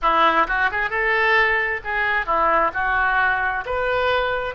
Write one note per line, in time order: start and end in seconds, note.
0.01 0.47 E4
0.47 0.70 F#4
0.71 0.89 G#4
0.89 1.80 A4
1.83 2.25 G#4
2.25 2.71 E4
2.73 3.64 F#4
3.65 4.55 B4